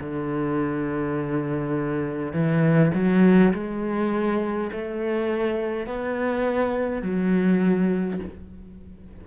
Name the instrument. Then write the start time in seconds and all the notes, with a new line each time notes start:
cello
0.00 D3
2.33 E3
2.94 F#3
3.53 G#3
4.73 A3
5.87 B3
7.03 F#3